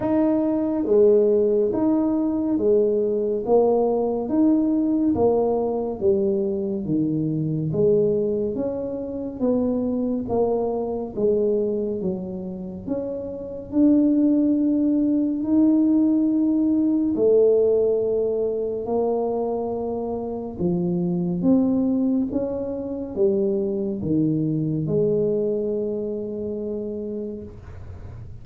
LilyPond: \new Staff \with { instrumentName = "tuba" } { \time 4/4 \tempo 4 = 70 dis'4 gis4 dis'4 gis4 | ais4 dis'4 ais4 g4 | dis4 gis4 cis'4 b4 | ais4 gis4 fis4 cis'4 |
d'2 dis'2 | a2 ais2 | f4 c'4 cis'4 g4 | dis4 gis2. | }